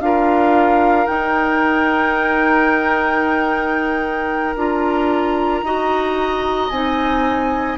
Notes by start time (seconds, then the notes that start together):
0.00 D4 F4 A#4 F5
1.07 D#4 G5
4.56 D4 F4 A#5
5.63 D#4 F#4 D#5
6.70 C4 D#4 G#5